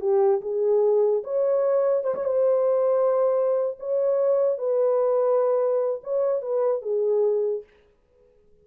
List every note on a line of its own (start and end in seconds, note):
0.00 0.41 G4
0.41 1.23 G#4
1.24 2.04 C#5
2.04 2.14 C5
2.14 2.24 C#5
2.24 3.77 C5
3.79 4.58 C#5
4.58 6.01 B4
6.03 6.42 C#5
6.42 6.82 B4
6.82 7.63 G#4